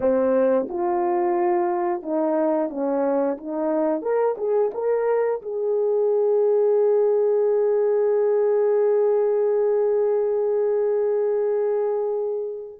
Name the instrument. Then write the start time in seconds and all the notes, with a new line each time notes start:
horn
0.00 C4
0.69 F4
2.02 D#4
2.69 C#4
3.37 D#4
4.01 A#4
4.37 G#4
4.74 A#4
5.41 G#4